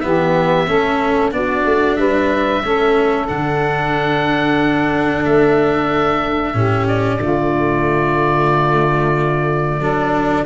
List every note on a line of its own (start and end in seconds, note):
0.00 0.68 E3
0.00 0.67 B3
0.00 0.67 G4
0.00 1.30 E5
0.67 1.32 A3
0.67 1.31 C#4
0.67 1.32 A4
1.31 1.64 B3
1.31 2.62 D4
1.31 1.98 F#4
1.31 1.96 D5
1.65 1.97 A3
1.96 2.62 G3
1.96 2.63 B4
1.96 3.26 E5
2.64 3.30 A3
2.64 3.28 C#4
2.64 6.54 A4
3.28 5.25 D3
3.28 6.54 D4
3.28 5.24 F#5
5.24 6.54 A3
5.24 6.87 E5
6.54 7.19 A2
6.54 7.19 C#4
6.54 7.19 G4
6.87 10.46 D5
7.19 9.79 D3
7.19 9.81 A3
7.19 9.79 F4
9.79 10.45 F#3
9.79 10.46 D4
9.79 10.45 A4